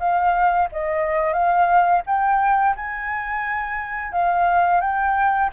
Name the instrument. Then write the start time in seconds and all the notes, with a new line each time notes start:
flute
0.00 F5
0.72 D#5
1.34 F5
2.07 G5
2.76 G#5
4.13 F5
4.81 G5